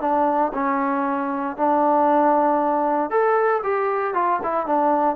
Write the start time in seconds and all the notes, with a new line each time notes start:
0.00 D4
0.53 C#4
1.56 D4
3.10 A4
3.63 G4
4.14 F4
4.43 E4
4.66 D4